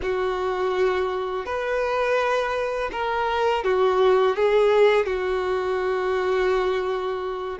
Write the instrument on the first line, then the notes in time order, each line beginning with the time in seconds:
violin
0.02 F#4
1.45 B4
2.92 A#4
3.63 F#4
4.35 G#4
5.06 F#4